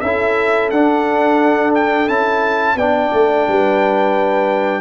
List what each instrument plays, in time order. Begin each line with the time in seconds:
0.00 tuba C#4, trombone E4, horn A4, trumpet E5
0.70 tuba D4, trombone D4, trumpet F#5
1.74 trumpet G5
2.08 tuba C#4, trombone E4, trumpet A5
2.75 tuba B3, trombone D4, horn D5, trumpet G5
3.13 tuba A3
3.48 tuba G3, horn B4